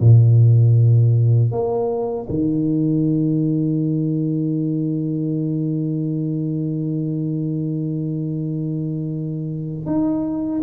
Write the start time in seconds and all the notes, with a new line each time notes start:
0.00 A#2
1.52 A#3
2.29 D#3
9.86 D#4